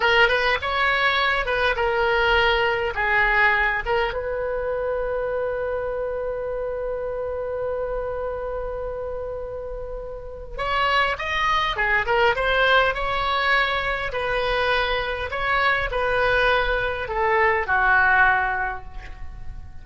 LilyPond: \new Staff \with { instrumentName = "oboe" } { \time 4/4 \tempo 4 = 102 ais'8 b'8 cis''4. b'8 ais'4~ | ais'4 gis'4. ais'8 b'4~ | b'1~ | b'1~ |
b'2 cis''4 dis''4 | gis'8 ais'8 c''4 cis''2 | b'2 cis''4 b'4~ | b'4 a'4 fis'2 | }